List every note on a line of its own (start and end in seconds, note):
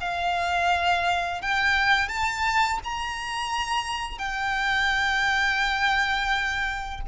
0.00 1.41 F5
1.41 2.08 G5
2.08 2.79 A5
2.83 4.18 A#5
4.18 7.00 G5